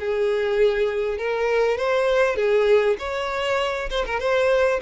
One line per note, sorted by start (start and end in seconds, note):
0.00 1.19 G#4
1.19 1.78 A#4
1.78 2.37 C5
2.37 2.97 G#4
2.99 3.90 C#5
3.90 4.06 C5
4.06 4.20 A#4
4.20 4.81 C5